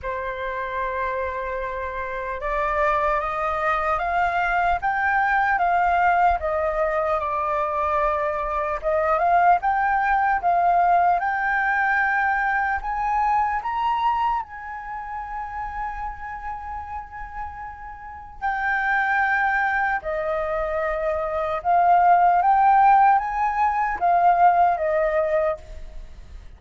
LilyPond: \new Staff \with { instrumentName = "flute" } { \time 4/4 \tempo 4 = 75 c''2. d''4 | dis''4 f''4 g''4 f''4 | dis''4 d''2 dis''8 f''8 | g''4 f''4 g''2 |
gis''4 ais''4 gis''2~ | gis''2. g''4~ | g''4 dis''2 f''4 | g''4 gis''4 f''4 dis''4 | }